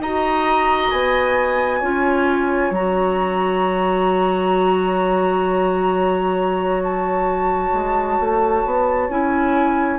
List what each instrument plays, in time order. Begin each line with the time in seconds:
0.00 bassoon D#4, clarinet F#4, oboe D#5, flute A#5
0.91 bassoon B3, flute G#5
1.80 bassoon C#4, clarinet F4, oboe C#5
2.71 bassoon F#3, clarinet F#4, flute A#5
6.84 flute A5
7.73 bassoon G#3
8.20 bassoon A3
8.66 bassoon B3
9.09 bassoon C#4, clarinet E4, flute G#5